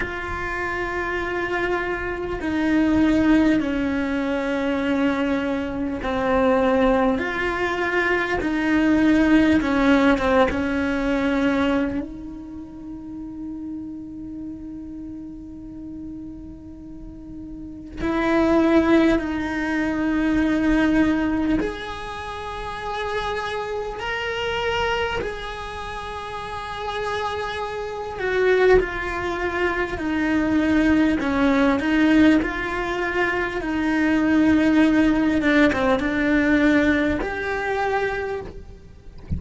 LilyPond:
\new Staff \with { instrumentName = "cello" } { \time 4/4 \tempo 4 = 50 f'2 dis'4 cis'4~ | cis'4 c'4 f'4 dis'4 | cis'8 c'16 cis'4~ cis'16 dis'2~ | dis'2. e'4 |
dis'2 gis'2 | ais'4 gis'2~ gis'8 fis'8 | f'4 dis'4 cis'8 dis'8 f'4 | dis'4. d'16 c'16 d'4 g'4 | }